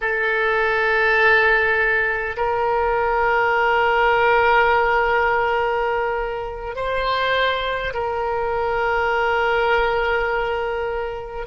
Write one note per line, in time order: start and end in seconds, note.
0.01 2.36 A4
2.36 6.75 A#4
6.75 7.93 C5
7.93 11.46 A#4